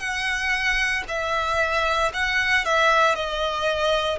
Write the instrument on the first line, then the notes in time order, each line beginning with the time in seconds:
violin
0.00 F#5
1.09 E5
2.13 F#5
2.65 E5
3.16 D#5